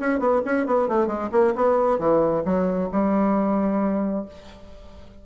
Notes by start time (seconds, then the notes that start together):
0.00 C#4
0.19 B3
0.45 C#4
0.66 B3
0.88 A3
1.07 G#3
1.32 A#3
1.55 B3
1.99 E3
2.45 F#3
2.92 G3